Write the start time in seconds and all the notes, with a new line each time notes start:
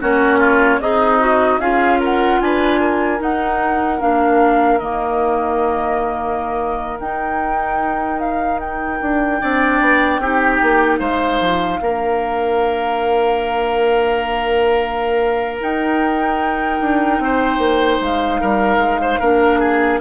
0.00 A#3 C#4 F#4 C#5
0.39 F4
0.80 C4 D#4 G#4 D#5
1.19 F#4
1.58 C#4 F4 G#4 F5
1.99 A#4 F#5
2.41 D4 B4 G#5
2.80 A#4
3.19 D#4 F#5
3.99 A#3 D4 F5
4.78 D#3 A#3 D#5
7.00 D#4 G5
8.19 F5
8.60 G5
9.01 D4
9.40 C4 D4 D5
9.80 B3
10.19 C4 D#4 G4
10.62 A#3
10.97 G#3 C5 F5
11.40 F3
11.80 A#3 D4 A#4
15.60 D#4 G5
16.80 D4
17.19 C4 C5
17.58 A#3
18.00 G#3 F5
18.41 G3 A#4
18.77 G#3
19.01 C5
19.20 A#3 D4 A#4
19.60 G#4